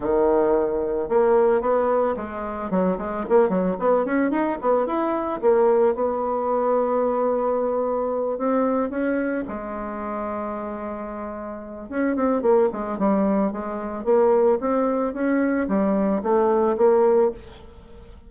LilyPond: \new Staff \with { instrumentName = "bassoon" } { \time 4/4 \tempo 4 = 111 dis2 ais4 b4 | gis4 fis8 gis8 ais8 fis8 b8 cis'8 | dis'8 b8 e'4 ais4 b4~ | b2.~ b8 c'8~ |
c'8 cis'4 gis2~ gis8~ | gis2 cis'8 c'8 ais8 gis8 | g4 gis4 ais4 c'4 | cis'4 g4 a4 ais4 | }